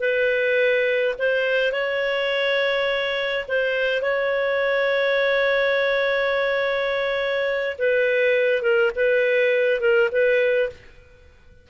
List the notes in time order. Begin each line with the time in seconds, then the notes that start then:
0.00 B4
1.19 C5
1.72 C#5
3.48 C5
4.02 C#5
7.78 B4
8.62 A#4
8.96 B4
9.81 A#4
10.12 B4